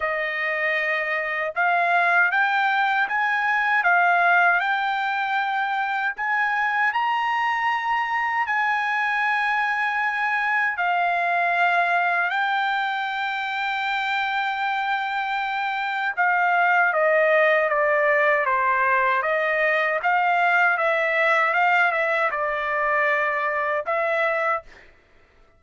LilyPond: \new Staff \with { instrumentName = "trumpet" } { \time 4/4 \tempo 4 = 78 dis''2 f''4 g''4 | gis''4 f''4 g''2 | gis''4 ais''2 gis''4~ | gis''2 f''2 |
g''1~ | g''4 f''4 dis''4 d''4 | c''4 dis''4 f''4 e''4 | f''8 e''8 d''2 e''4 | }